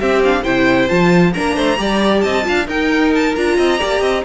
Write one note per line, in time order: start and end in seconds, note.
0.00 0.24 C4
0.00 0.45 C4
0.00 0.42 G4
0.00 0.22 E5
0.24 0.44 D4
0.24 0.44 F5
0.42 0.89 C3
0.42 0.89 E4
0.42 1.32 C5
0.42 0.89 G5
0.89 1.36 F3
0.89 1.34 F4
0.89 1.34 A5
1.34 1.56 A#3
1.34 1.78 D4
1.34 1.56 A#4
1.34 2.21 A#5
1.56 1.79 A3
1.56 1.79 C5
1.78 2.24 G3
1.78 2.43 G4
1.78 2.24 D5
2.21 2.47 C4
2.21 2.47 D#5
2.21 2.66 A5
2.43 2.68 D4
2.43 2.66 F4
2.43 2.67 F5
2.67 3.35 D#4
2.67 3.37 D#4
2.67 3.57 A#4
2.67 3.14 G5
3.15 3.36 A5
3.36 3.58 D4
3.36 3.79 F4
3.36 4.25 A#5
3.57 3.80 C4
3.57 3.80 D#5
3.79 4.02 A#3
3.79 4.24 G4
3.79 4.02 D5
4.02 4.24 C4
4.02 4.24 D#5